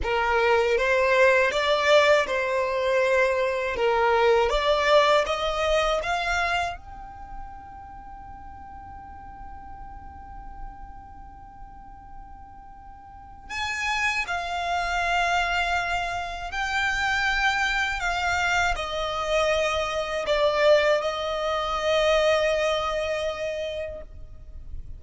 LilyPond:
\new Staff \with { instrumentName = "violin" } { \time 4/4 \tempo 4 = 80 ais'4 c''4 d''4 c''4~ | c''4 ais'4 d''4 dis''4 | f''4 g''2.~ | g''1~ |
g''2 gis''4 f''4~ | f''2 g''2 | f''4 dis''2 d''4 | dis''1 | }